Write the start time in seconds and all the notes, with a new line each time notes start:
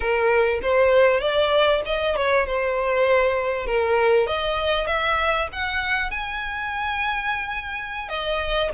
0.00 A#4
0.62 C5
1.20 D5
1.85 D#5
2.16 C#5
2.46 C5
3.66 A#4
4.26 D#5
4.86 E5
5.52 F#5
6.11 G#5
8.08 D#5